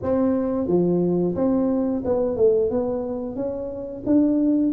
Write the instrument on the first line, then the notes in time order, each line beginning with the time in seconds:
tuba
0.02 C4
0.67 F3
1.35 C4
2.04 B3
2.36 A3
2.70 B3
3.35 C#4
4.06 D4